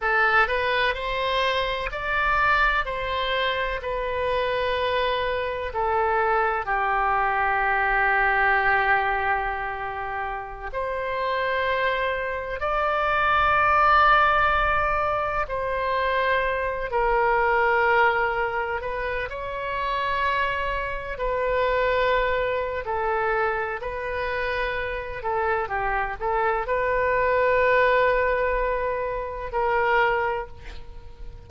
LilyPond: \new Staff \with { instrumentName = "oboe" } { \time 4/4 \tempo 4 = 63 a'8 b'8 c''4 d''4 c''4 | b'2 a'4 g'4~ | g'2.~ g'16 c''8.~ | c''4~ c''16 d''2~ d''8.~ |
d''16 c''4. ais'2 b'16~ | b'16 cis''2 b'4.~ b'16 | a'4 b'4. a'8 g'8 a'8 | b'2. ais'4 | }